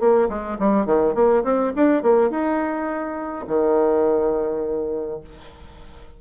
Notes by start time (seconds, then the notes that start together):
0.00 A#3
0.29 G#3
0.59 G3
0.86 D#3
1.15 A#3
1.44 C4
1.76 D4
2.03 A#3
2.31 D#4
3.48 D#3